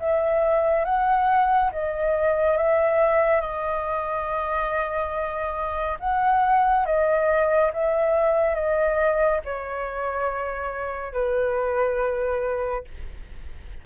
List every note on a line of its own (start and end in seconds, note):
0.00 0.85 E5
0.85 1.71 F#5
1.73 2.58 D#5
2.58 3.41 E5
3.41 5.98 D#5
6.00 6.86 F#5
6.86 7.71 D#5
7.74 8.55 E5
8.55 9.41 D#5
9.45 11.14 C#5
11.14 12.85 B4